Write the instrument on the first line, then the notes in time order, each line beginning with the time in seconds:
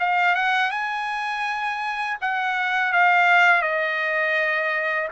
trumpet
0.00 F5
0.36 F#5
0.71 G#5
2.22 F#5
2.93 F5
3.63 D#5